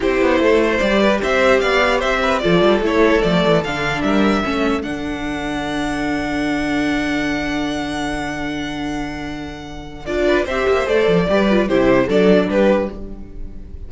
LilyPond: <<
  \new Staff \with { instrumentName = "violin" } { \time 4/4 \tempo 4 = 149 c''2 d''4 e''4 | f''4 e''4 d''4 cis''4 | d''4 f''4 e''2 | fis''1~ |
fis''1~ | fis''1~ | fis''4 d''4 e''4 d''4~ | d''4 c''4 d''4 b'4 | }
  \new Staff \with { instrumentName = "violin" } { \time 4/4 g'4 a'8 c''4 b'8 c''4 | d''4 c''8 b'8 a'2~ | a'2 ais'4 a'4~ | a'1~ |
a'1~ | a'1~ | a'4. b'8 c''2 | b'4 g'4 a'4 g'4 | }
  \new Staff \with { instrumentName = "viola" } { \time 4/4 e'2 g'2~ | g'2 f'4 e'4 | a4 d'2 cis'4 | d'1~ |
d'1~ | d'1~ | d'4 f'4 g'4 a'4 | g'8 f'8 e'4 d'2 | }
  \new Staff \with { instrumentName = "cello" } { \time 4/4 c'8 b8 a4 g4 c'4 | b4 c'4 f8 g8 a4 | f8 e8 d4 g4 a4 | d1~ |
d1~ | d1~ | d4 d'4 c'8 ais8 a8 f8 | g4 c4 fis4 g4 | }
>>